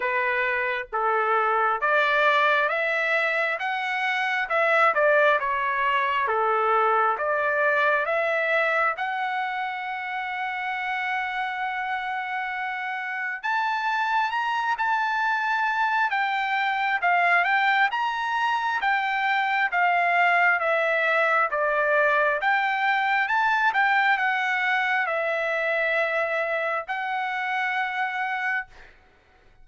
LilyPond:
\new Staff \with { instrumentName = "trumpet" } { \time 4/4 \tempo 4 = 67 b'4 a'4 d''4 e''4 | fis''4 e''8 d''8 cis''4 a'4 | d''4 e''4 fis''2~ | fis''2. a''4 |
ais''8 a''4. g''4 f''8 g''8 | ais''4 g''4 f''4 e''4 | d''4 g''4 a''8 g''8 fis''4 | e''2 fis''2 | }